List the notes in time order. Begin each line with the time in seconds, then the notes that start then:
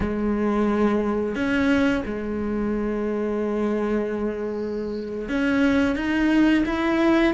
0.00 G#3
1.35 C#4
2.05 G#3
5.28 C#4
5.95 D#4
6.65 E4